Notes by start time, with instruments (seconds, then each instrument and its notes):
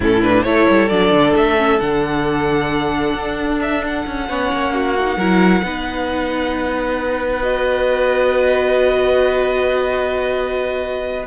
0.00 cello A2, viola C#4, violin E4 A4
0.22 viola D4, violin B4
0.43 cello A3, viola E4, violin A4 C#5
0.69 cello G3
0.88 cello F#3, viola D4, violin D5
1.11 cello D3
1.35 cello A3, violin E5
1.57 viola C#4
1.79 cello D3, viola D4, violin F#5
3.14 cello D4
3.61 violin E5
3.86 violin F#5
4.06 cello C#4
4.28 cello B3, viola C#4, violin C#5
4.52 cello A#3
4.73 violin F#4
4.99 viola D#4
5.16 cello F#3, viola E4, violin A#4
5.63 cello B3, viola D#4, violin B4
7.42 viola F#4, violin D#5